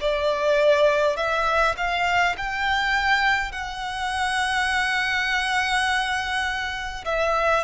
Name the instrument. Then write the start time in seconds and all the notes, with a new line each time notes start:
violin
0.00 D5
1.17 E5
1.76 F5
2.37 G5
3.51 F#5
7.05 E5